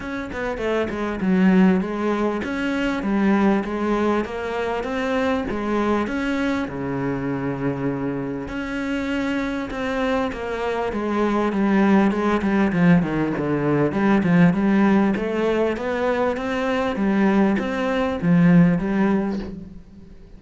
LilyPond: \new Staff \with { instrumentName = "cello" } { \time 4/4 \tempo 4 = 99 cis'8 b8 a8 gis8 fis4 gis4 | cis'4 g4 gis4 ais4 | c'4 gis4 cis'4 cis4~ | cis2 cis'2 |
c'4 ais4 gis4 g4 | gis8 g8 f8 dis8 d4 g8 f8 | g4 a4 b4 c'4 | g4 c'4 f4 g4 | }